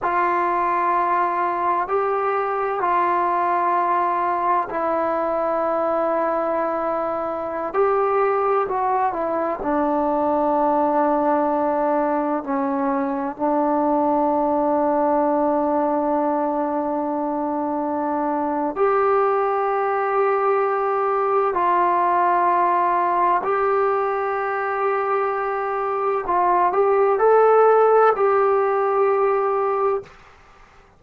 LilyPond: \new Staff \with { instrumentName = "trombone" } { \time 4/4 \tempo 4 = 64 f'2 g'4 f'4~ | f'4 e'2.~ | e'16 g'4 fis'8 e'8 d'4.~ d'16~ | d'4~ d'16 cis'4 d'4.~ d'16~ |
d'1 | g'2. f'4~ | f'4 g'2. | f'8 g'8 a'4 g'2 | }